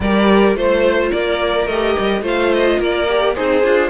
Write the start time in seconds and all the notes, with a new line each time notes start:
0.00 G3 G4 A#4 D5
0.55 A3 F4 C5
1.09 A#3 A#4 D5
1.67 A3 G4 D#5
1.98 G3
2.21 A3 F4 C5
2.27 F5
2.54 D#5
2.78 A#3 A#4 D5
3.08 G4
3.35 C4 D#4 G#4 C5
3.63 D4 F4